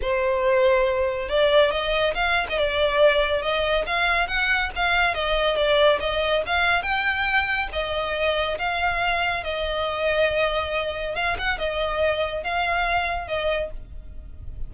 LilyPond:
\new Staff \with { instrumentName = "violin" } { \time 4/4 \tempo 4 = 140 c''2. d''4 | dis''4 f''8. dis''16 d''2 | dis''4 f''4 fis''4 f''4 | dis''4 d''4 dis''4 f''4 |
g''2 dis''2 | f''2 dis''2~ | dis''2 f''8 fis''8 dis''4~ | dis''4 f''2 dis''4 | }